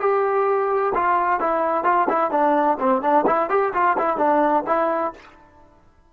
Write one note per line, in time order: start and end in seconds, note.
0.00 0.93 G4
0.95 1.40 F4
1.40 1.84 E4
1.84 2.07 F4
2.09 2.31 E4
2.31 2.78 D4
2.79 3.02 C4
3.02 3.25 D4
3.26 3.50 E4
3.50 3.73 G4
3.73 3.97 F4
3.98 4.17 E4
4.17 4.64 D4
4.66 5.13 E4